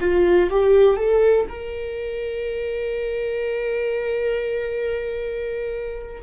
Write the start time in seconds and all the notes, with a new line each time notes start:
0.00 F4
0.50 G4
0.96 A4
1.49 A#4